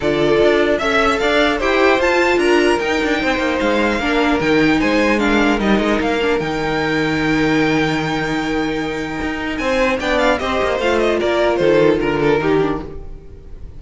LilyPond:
<<
  \new Staff \with { instrumentName = "violin" } { \time 4/4 \tempo 4 = 150 d''2 e''4 f''4 | g''4 a''4 ais''4 g''4~ | g''4 f''2 g''4 | gis''4 f''4 dis''4 f''4 |
g''1~ | g''1 | gis''4 g''8 f''8 dis''4 f''8 dis''8 | d''4 c''4 ais'2 | }
  \new Staff \with { instrumentName = "violin" } { \time 4/4 a'2 e''4 d''4 | c''2 ais'2 | c''2 ais'2 | c''4 ais'2.~ |
ais'1~ | ais'1 | c''4 d''4 c''2 | ais'4 a'4 ais'8 a'8 g'4 | }
  \new Staff \with { instrumentName = "viola" } { \time 4/4 f'2 a'2 | g'4 f'2 dis'4~ | dis'2 d'4 dis'4~ | dis'4 d'4 dis'4. d'8 |
dis'1~ | dis'1~ | dis'4 d'4 g'4 f'4~ | f'2. dis'8 d'8 | }
  \new Staff \with { instrumentName = "cello" } { \time 4/4 d4 d'4 cis'4 d'4 | e'4 f'4 d'4 dis'8 d'8 | c'8 ais8 gis4 ais4 dis4 | gis2 g8 gis8 ais4 |
dis1~ | dis2. dis'4 | c'4 b4 c'8 ais8 a4 | ais4 dis4 d4 dis4 | }
>>